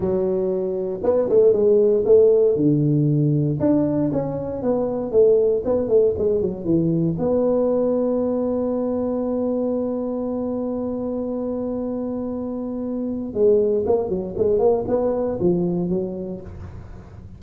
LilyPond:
\new Staff \with { instrumentName = "tuba" } { \time 4/4 \tempo 4 = 117 fis2 b8 a8 gis4 | a4 d2 d'4 | cis'4 b4 a4 b8 a8 | gis8 fis8 e4 b2~ |
b1~ | b1~ | b2 gis4 ais8 fis8 | gis8 ais8 b4 f4 fis4 | }